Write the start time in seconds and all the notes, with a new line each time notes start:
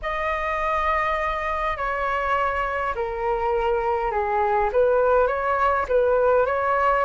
0.02 D#5
1.76 C#5
2.95 A#4
4.11 G#4
4.72 B4
5.27 C#5
5.88 B4
6.46 C#5